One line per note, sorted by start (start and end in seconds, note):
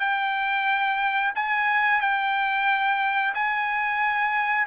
0.00 1.33 G5
1.35 2.01 G#5
2.01 3.35 G5
3.35 4.67 G#5